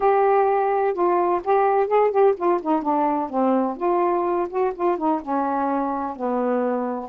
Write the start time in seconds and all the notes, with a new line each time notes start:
0.00 G4
0.93 F4
1.44 G4
1.87 G#4
2.10 G4
2.36 F4
2.62 D#4
2.82 D4
3.29 C4
3.77 F4
4.49 F#4
4.74 F4
4.97 D#4
5.22 C#4
6.15 B3